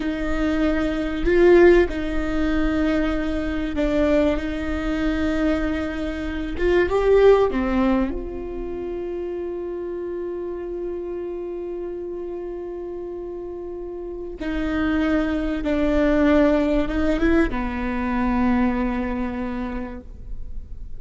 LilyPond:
\new Staff \with { instrumentName = "viola" } { \time 4/4 \tempo 4 = 96 dis'2 f'4 dis'4~ | dis'2 d'4 dis'4~ | dis'2~ dis'8 f'8 g'4 | c'4 f'2.~ |
f'1~ | f'2. dis'4~ | dis'4 d'2 dis'8 e'8 | b1 | }